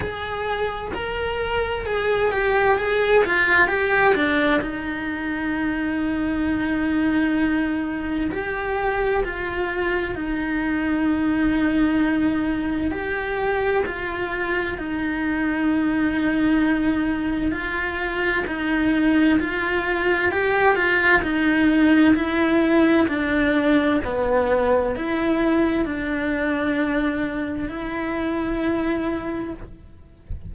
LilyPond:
\new Staff \with { instrumentName = "cello" } { \time 4/4 \tempo 4 = 65 gis'4 ais'4 gis'8 g'8 gis'8 f'8 | g'8 d'8 dis'2.~ | dis'4 g'4 f'4 dis'4~ | dis'2 g'4 f'4 |
dis'2. f'4 | dis'4 f'4 g'8 f'8 dis'4 | e'4 d'4 b4 e'4 | d'2 e'2 | }